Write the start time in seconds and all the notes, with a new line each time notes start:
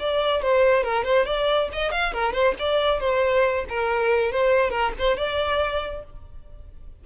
0.00 D5
0.42 C5
0.84 A#4
1.05 C5
1.26 D5
1.73 D#5
1.92 F5
2.13 A#4
2.33 C5
2.59 D5
3.00 C5
3.70 A#4
4.32 C5
4.71 A#4
4.99 C5
5.17 D5